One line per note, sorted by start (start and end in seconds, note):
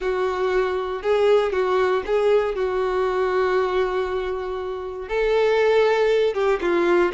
0.00 1.02 F#4
1.02 1.52 G#4
1.52 2.03 F#4
2.05 2.55 G#4
2.55 5.08 F#4
5.08 6.34 A4
6.34 6.59 G4
6.61 7.12 F4